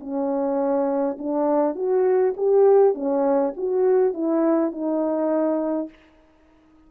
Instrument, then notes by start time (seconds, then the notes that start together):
horn
0.00 C#4
1.18 D4
1.75 F#4
2.36 G4
2.94 C#4
3.57 F#4
4.13 E4
4.71 D#4